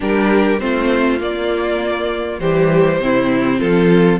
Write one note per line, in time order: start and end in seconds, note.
0.00 0.61 G3
0.00 0.58 D4
0.00 0.61 G4
0.00 0.59 A#4
0.59 1.20 A3
0.59 1.19 C4
0.59 2.40 F4
0.59 1.19 C5
1.20 2.39 A#3
1.20 2.40 A#3
1.20 2.39 D5
2.39 2.99 E3
2.39 3.01 G3
2.39 3.00 G4
2.39 3.59 C5
3.00 3.60 C3
3.00 4.20 C4
3.00 3.59 E4
3.59 4.20 F3
3.59 4.19 F4
3.59 4.19 A4